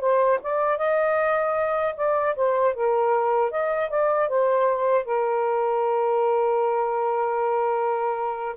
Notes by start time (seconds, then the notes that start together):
0.00 C5
0.43 D5
0.78 D#5
1.96 D5
2.36 C5
2.74 A#4
3.51 D#5
3.90 D5
4.28 C5
5.05 A#4